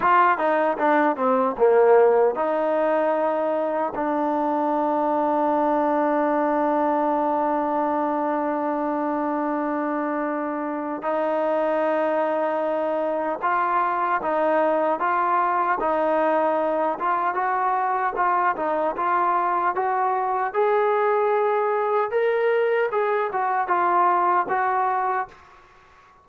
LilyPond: \new Staff \with { instrumentName = "trombone" } { \time 4/4 \tempo 4 = 76 f'8 dis'8 d'8 c'8 ais4 dis'4~ | dis'4 d'2.~ | d'1~ | d'2 dis'2~ |
dis'4 f'4 dis'4 f'4 | dis'4. f'8 fis'4 f'8 dis'8 | f'4 fis'4 gis'2 | ais'4 gis'8 fis'8 f'4 fis'4 | }